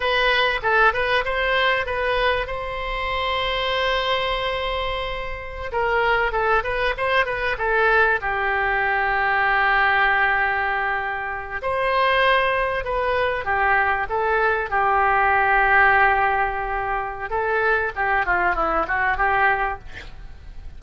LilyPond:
\new Staff \with { instrumentName = "oboe" } { \time 4/4 \tempo 4 = 97 b'4 a'8 b'8 c''4 b'4 | c''1~ | c''4~ c''16 ais'4 a'8 b'8 c''8 b'16~ | b'16 a'4 g'2~ g'8.~ |
g'2~ g'8. c''4~ c''16~ | c''8. b'4 g'4 a'4 g'16~ | g'1 | a'4 g'8 f'8 e'8 fis'8 g'4 | }